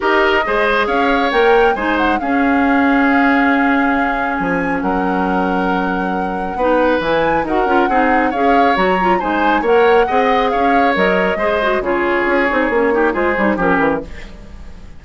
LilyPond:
<<
  \new Staff \with { instrumentName = "flute" } { \time 4/4 \tempo 4 = 137 dis''2 f''4 g''4 | gis''8 fis''8 f''2.~ | f''2 gis''4 fis''4~ | fis''1 |
gis''4 fis''2 f''4 | ais''4 gis''4 fis''2 | f''4 dis''2 cis''4~ | cis''2 c''4 ais'4 | }
  \new Staff \with { instrumentName = "oboe" } { \time 4/4 ais'4 c''4 cis''2 | c''4 gis'2.~ | gis'2. ais'4~ | ais'2. b'4~ |
b'4 ais'4 gis'4 cis''4~ | cis''4 c''4 cis''4 dis''4 | cis''2 c''4 gis'4~ | gis'4. g'8 gis'4 g'4 | }
  \new Staff \with { instrumentName = "clarinet" } { \time 4/4 g'4 gis'2 ais'4 | dis'4 cis'2.~ | cis'1~ | cis'2. dis'4 |
e'4 fis'8 f'8 dis'4 gis'4 | fis'8 f'8 dis'4 ais'4 gis'4~ | gis'4 ais'4 gis'8 fis'8 f'4~ | f'8 dis'8 cis'8 dis'8 f'8 dis'8 cis'4 | }
  \new Staff \with { instrumentName = "bassoon" } { \time 4/4 dis'4 gis4 cis'4 ais4 | gis4 cis'2.~ | cis'2 f4 fis4~ | fis2. b4 |
e4 dis'8 cis'8 c'4 cis'4 | fis4 gis4 ais4 c'4 | cis'4 fis4 gis4 cis4 | cis'8 c'8 ais4 gis8 g8 f8 e8 | }
>>